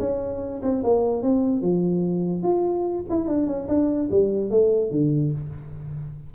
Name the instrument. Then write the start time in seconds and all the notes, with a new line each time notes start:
tuba
0.00 C#4
0.63 C4
0.84 A#3
1.23 C4
1.62 F3
2.43 F4
3.10 E4
3.28 D4
3.47 C#4
3.68 D4
4.11 G3
4.51 A3
4.91 D3